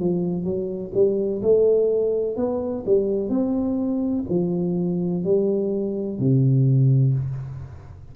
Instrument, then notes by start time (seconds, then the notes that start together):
tuba
0.00 F3
0.44 F#3
0.94 G3
1.42 A3
2.36 B3
2.86 G3
3.29 C4
4.29 F3
5.24 G3
6.19 C3